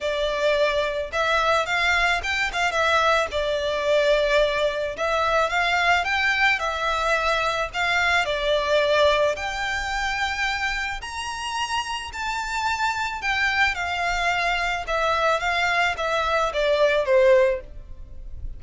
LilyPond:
\new Staff \with { instrumentName = "violin" } { \time 4/4 \tempo 4 = 109 d''2 e''4 f''4 | g''8 f''8 e''4 d''2~ | d''4 e''4 f''4 g''4 | e''2 f''4 d''4~ |
d''4 g''2. | ais''2 a''2 | g''4 f''2 e''4 | f''4 e''4 d''4 c''4 | }